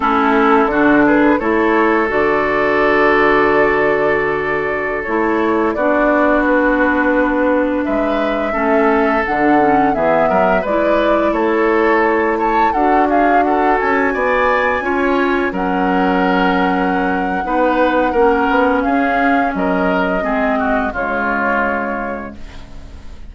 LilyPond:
<<
  \new Staff \with { instrumentName = "flute" } { \time 4/4 \tempo 4 = 86 a'4. b'8 cis''4 d''4~ | d''2.~ d''16 cis''8.~ | cis''16 d''4 b'2 e''8.~ | e''4~ e''16 fis''4 e''4 d''8.~ |
d''16 cis''4. a''8 fis''8 f''8 fis''8 gis''16~ | gis''2~ gis''16 fis''4.~ fis''16~ | fis''2. f''4 | dis''2 cis''2 | }
  \new Staff \with { instrumentName = "oboe" } { \time 4/4 e'4 fis'8 gis'8 a'2~ | a'1~ | a'16 fis'2. b'8.~ | b'16 a'2 gis'8 ais'8 b'8.~ |
b'16 a'4. cis''8 a'8 gis'8 a'8.~ | a'16 d''4 cis''4 ais'4.~ ais'16~ | ais'4 b'4 ais'4 gis'4 | ais'4 gis'8 fis'8 f'2 | }
  \new Staff \with { instrumentName = "clarinet" } { \time 4/4 cis'4 d'4 e'4 fis'4~ | fis'2.~ fis'16 e'8.~ | e'16 d'2.~ d'8.~ | d'16 cis'4 d'8 cis'8 b4 e'8.~ |
e'2~ e'16 fis'4.~ fis'16~ | fis'4~ fis'16 f'4 cis'4.~ cis'16~ | cis'4 dis'4 cis'2~ | cis'4 c'4 gis2 | }
  \new Staff \with { instrumentName = "bassoon" } { \time 4/4 a4 d4 a4 d4~ | d2.~ d16 a8.~ | a16 b2. gis8.~ | gis16 a4 d4 e8 fis8 gis8.~ |
gis16 a2 d'4. cis'16~ | cis'16 b4 cis'4 fis4.~ fis16~ | fis4 b4 ais8 b8 cis'4 | fis4 gis4 cis2 | }
>>